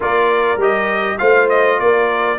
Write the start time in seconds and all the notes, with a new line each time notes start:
0.00 A#3 F4 A#4 D5
0.57 G3 G4 D#5
1.18 A3 F4 C5 F5
1.49 D#5
1.79 A#3 A#4 D5